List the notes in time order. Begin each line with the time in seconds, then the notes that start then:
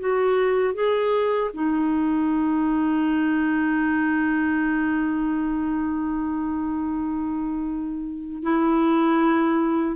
0.00 F#4
0.74 G#4
1.54 D#4
8.43 E4